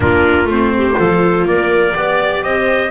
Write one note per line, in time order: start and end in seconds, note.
0.00 0.45 A#3
0.00 0.46 D4
0.00 0.74 F4
0.00 0.49 A#4
0.45 0.94 A3
0.45 0.93 C4
0.45 1.47 C5
0.77 0.97 G4
0.93 1.44 F3
0.93 1.91 F4
0.93 1.46 A4
1.44 1.93 A#3
1.44 1.96 A#4
1.44 2.43 D5
1.94 2.43 B3
1.94 2.90 G4
1.94 2.45 D5
2.43 2.90 C4
2.43 2.90 C5
2.43 2.90 D#5